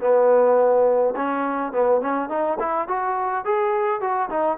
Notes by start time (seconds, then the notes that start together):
0.00 B3
1.16 C#4
1.72 B3
2.01 C#4
2.29 D#4
2.59 E4
2.88 F#4
3.45 G#4
4.01 F#4
4.29 D#4